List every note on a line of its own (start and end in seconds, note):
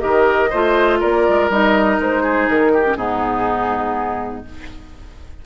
0.00 0.52 D#3
0.00 0.49 G4
0.00 0.49 A#4
0.00 0.98 D#5
0.49 1.02 A3
0.49 1.50 F4
0.49 0.99 C5
1.00 1.28 A#3
1.00 2.22 A#4
1.00 1.50 D5
1.28 1.49 G#3
1.49 1.98 G3
1.49 2.84 D#4
1.49 2.00 D#5
1.99 2.48 G#3
1.99 2.48 C5
2.22 2.72 G#4
2.48 2.96 D#3
2.48 2.97 A#4
2.73 2.97 G4
2.84 2.96 C#4
2.96 4.44 G#2
2.96 4.45 B3
2.96 4.44 D#4
2.96 4.44 G#4